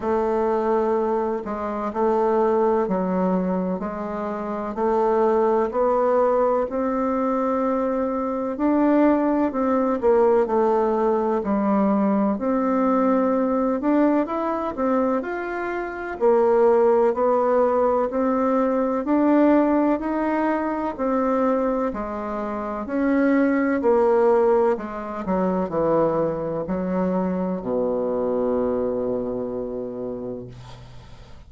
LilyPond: \new Staff \with { instrumentName = "bassoon" } { \time 4/4 \tempo 4 = 63 a4. gis8 a4 fis4 | gis4 a4 b4 c'4~ | c'4 d'4 c'8 ais8 a4 | g4 c'4. d'8 e'8 c'8 |
f'4 ais4 b4 c'4 | d'4 dis'4 c'4 gis4 | cis'4 ais4 gis8 fis8 e4 | fis4 b,2. | }